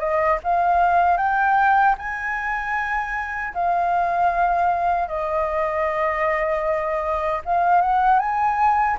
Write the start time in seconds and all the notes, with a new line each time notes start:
0.00 D#5
0.44 F5
1.18 G5
1.98 G#5
3.55 F5
5.08 D#5
7.46 F5
7.82 F#5
8.20 G#5